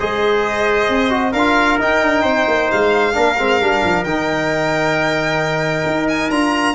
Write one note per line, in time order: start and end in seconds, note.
0.00 0.89 G#3
0.00 1.10 G#4
0.00 1.33 C5
0.00 1.33 D#5
0.89 1.34 C4
1.10 1.33 F#4
1.33 1.79 D4
1.33 1.80 F4
1.33 2.22 A#4
1.33 1.78 F5
1.80 2.02 D#4
1.80 3.13 D#4
1.80 2.71 G5
2.02 2.24 D4
2.22 2.46 C4
2.22 3.13 C5
2.48 2.70 A#3
2.71 3.17 G#3
2.71 4.05 F5
3.13 3.38 A#3
3.13 3.36 D4
3.13 6.75 A#4
3.38 3.61 G#3
3.38 3.61 C4
3.61 3.84 G3
3.61 4.06 D4
3.84 4.04 F3
4.04 5.84 D#3
4.04 6.32 D#4
4.04 6.08 G5
5.87 6.31 D#4
6.09 6.31 G#5
6.31 6.75 D4
6.31 6.75 F4
6.31 6.75 A#5